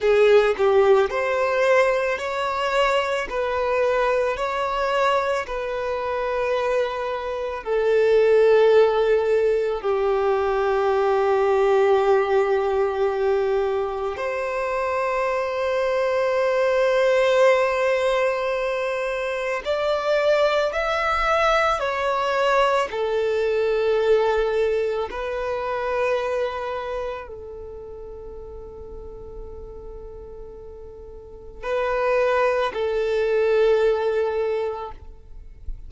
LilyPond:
\new Staff \with { instrumentName = "violin" } { \time 4/4 \tempo 4 = 55 gis'8 g'8 c''4 cis''4 b'4 | cis''4 b'2 a'4~ | a'4 g'2.~ | g'4 c''2.~ |
c''2 d''4 e''4 | cis''4 a'2 b'4~ | b'4 a'2.~ | a'4 b'4 a'2 | }